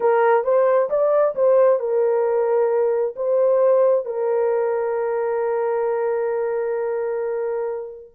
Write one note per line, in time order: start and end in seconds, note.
0.00 0.44 A#4
0.44 0.89 C5
0.89 1.34 D5
1.35 1.79 C5
1.79 3.14 A#4
3.16 4.05 C5
4.05 8.11 A#4